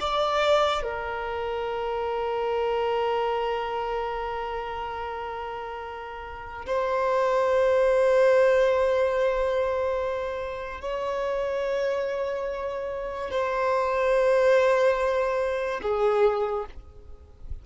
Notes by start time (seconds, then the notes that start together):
0.00 D5
0.83 A#4
6.66 C5
10.81 C#5
13.30 C5
15.82 G#4